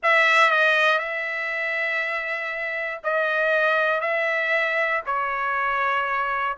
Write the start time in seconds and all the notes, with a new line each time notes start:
0.02 E5
0.50 D#5
0.98 E5
3.03 D#5
4.00 E5
5.06 C#5